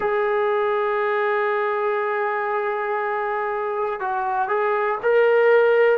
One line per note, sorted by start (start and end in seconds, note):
0.00 4.00 G#4
4.00 4.48 F#4
4.48 4.98 G#4
5.02 5.98 A#4